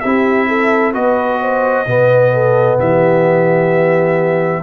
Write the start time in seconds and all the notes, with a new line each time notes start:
0.00 C4 E4 G4 E5
0.47 A4
0.93 B3 F#4 B4 D#5
1.41 C5
1.86 B2 B3 B4
2.33 A4
2.79 E3 G4 E5